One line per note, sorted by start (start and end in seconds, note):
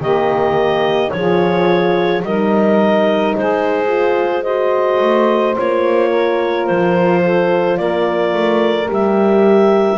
0.00 1.11 D#3
0.00 1.12 A#3
0.00 1.12 G4
0.00 1.11 D#5
1.11 2.23 F3
1.11 2.24 F4
1.11 2.25 G#4
1.11 2.22 C#5
2.23 3.34 G3
2.23 3.87 D#4
2.23 3.36 A#4
2.23 3.35 D#5
3.36 5.01 G#3
3.36 4.43 G#4
3.36 4.43 C5
3.87 4.43 F4
4.43 5.57 F#4
4.43 6.09 C5
4.43 5.54 D#5
5.01 5.56 A3
5.57 6.69 A#3
5.57 8.87 F4
5.57 6.66 C#5
6.09 7.20 A#4
6.66 7.79 F3
6.66 7.77 C5
7.22 7.78 A4
7.78 8.34 A#3
7.78 9.98 A#4
7.78 8.89 D5
8.34 8.89 A3
8.87 9.98 G3
8.87 9.98 G4
8.87 9.98 E5